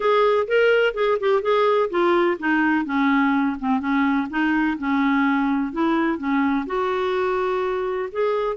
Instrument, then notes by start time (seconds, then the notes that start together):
clarinet
0.00 G#4
0.47 A#4
0.94 G#4
1.20 G4
1.42 G#4
1.90 F4
2.39 D#4
2.85 C#4
3.59 C4
3.80 C#4
4.30 D#4
4.78 C#4
5.72 E4
6.18 C#4
6.66 F#4
8.11 G#4